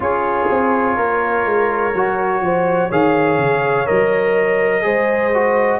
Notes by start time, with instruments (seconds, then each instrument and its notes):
0.00 tuba C#4, trombone F4, horn G#4, trumpet C#5
0.50 tuba C4
0.96 tuba A#3, horn A#4
1.45 tuba G#3
1.94 tuba F#3, trombone F#4
2.41 tuba F3, horn C5
2.88 tuba D#3, trombone G#4, horn C#5, trumpet F5
3.37 tuba C#3
3.85 tuba F#3, trombone A#4, trumpet D#5
4.82 tuba G#3, trombone G#4, horn C5
5.34 trombone F#4